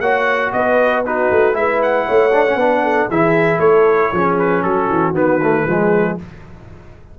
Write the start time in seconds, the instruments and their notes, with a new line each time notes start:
0.00 tuba A#3, trombone F#4, horn C#5, trumpet F#5
0.52 tuba B3, horn B4, trumpet D#5
1.05 trombone D#4, horn F#4, trumpet B4
1.31 tuba A3
1.53 tuba G#3, trombone E4, horn B4, trumpet E5
1.82 trumpet F#5
2.06 tuba A3, horn C#5
2.33 trombone D4
2.46 trombone C#4
2.56 tuba B3, trombone D4, horn B4
2.83 horn A4
3.09 tuba E3, trombone E4, horn G#4, trumpet E5
3.58 tuba A3, horn A4, trumpet C#5
4.12 tuba F3, trombone C#4, horn G#4
4.38 trumpet B4
4.62 tuba F#3, horn F#4, trumpet A4
4.89 tuba E3
5.13 tuba D#3, trombone B3, trumpet B4
5.42 trombone A3
5.63 tuba F3, trombone G#3, horn G#4